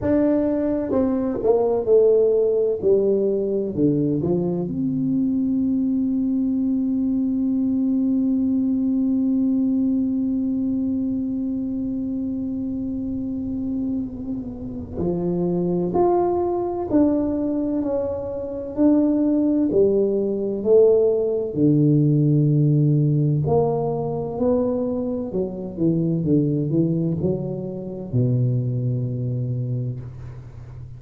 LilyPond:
\new Staff \with { instrumentName = "tuba" } { \time 4/4 \tempo 4 = 64 d'4 c'8 ais8 a4 g4 | d8 f8 c'2.~ | c'1~ | c'1 |
f4 f'4 d'4 cis'4 | d'4 g4 a4 d4~ | d4 ais4 b4 fis8 e8 | d8 e8 fis4 b,2 | }